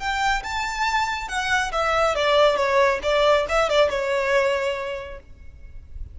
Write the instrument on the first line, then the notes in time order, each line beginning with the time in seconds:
violin
0.00 G5
0.44 A5
1.29 F#5
1.72 E5
2.15 D5
2.57 C#5
3.03 D5
3.49 E5
3.70 D5
3.90 C#5